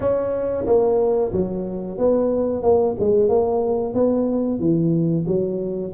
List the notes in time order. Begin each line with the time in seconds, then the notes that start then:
0.00 C#4
0.66 A#3
1.32 F#3
1.98 B3
2.62 A#3
2.99 G#3
3.28 A#3
3.94 B3
4.59 E3
5.27 F#3